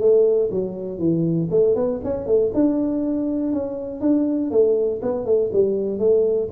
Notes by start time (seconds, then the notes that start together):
0.00 A3
0.51 F#3
0.99 E3
1.50 A3
1.75 B3
2.04 C#4
2.27 A3
2.54 D4
3.53 C#4
4.01 D4
4.51 A3
5.02 B3
5.26 A3
5.53 G3
5.99 A3